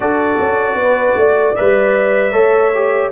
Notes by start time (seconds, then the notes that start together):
0.00 D4 F#4 A4 D5
0.40 C#4
0.74 B3
0.81 B4
1.15 A3 D5
1.55 G3 B4 E5
2.31 A3 A4 C#5
2.74 G4